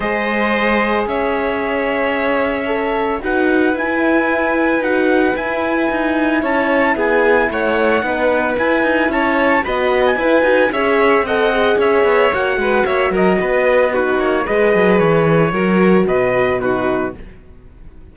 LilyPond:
<<
  \new Staff \with { instrumentName = "trumpet" } { \time 4/4 \tempo 4 = 112 dis''2 e''2~ | e''2 fis''4 gis''4~ | gis''4 fis''4 gis''2 | a''4 gis''4 fis''2 |
gis''4 a''4 b''8. gis''4~ gis''16 | e''4 fis''4 e''4 fis''4 | e''8 dis''4. b'8 cis''8 dis''4 | cis''2 dis''4 b'4 | }
  \new Staff \with { instrumentName = "violin" } { \time 4/4 c''2 cis''2~ | cis''2 b'2~ | b'1 | cis''4 gis'4 cis''4 b'4~ |
b'4 cis''4 dis''4 b'4 | cis''4 dis''4 cis''4. b'8 | cis''8 ais'8 b'4 fis'4 b'4~ | b'4 ais'4 b'4 fis'4 | }
  \new Staff \with { instrumentName = "horn" } { \time 4/4 gis'1~ | gis'4 a'4 fis'4 e'4~ | e'4 fis'4 e'2~ | e'2. dis'4 |
e'2 fis'4 e'8 fis'8 | gis'4 a'8 gis'4. fis'4~ | fis'2 dis'4 gis'4~ | gis'4 fis'2 dis'4 | }
  \new Staff \with { instrumentName = "cello" } { \time 4/4 gis2 cis'2~ | cis'2 dis'4 e'4~ | e'4 dis'4 e'4 dis'4 | cis'4 b4 a4 b4 |
e'8 dis'8 cis'4 b4 e'8 dis'8 | cis'4 c'4 cis'8 b8 ais8 gis8 | ais8 fis8 b4. ais8 gis8 fis8 | e4 fis4 b,2 | }
>>